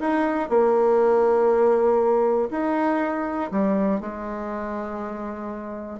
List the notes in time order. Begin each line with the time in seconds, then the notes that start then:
0.00 D#4
0.49 A#3
2.50 D#4
3.51 G3
4.00 G#3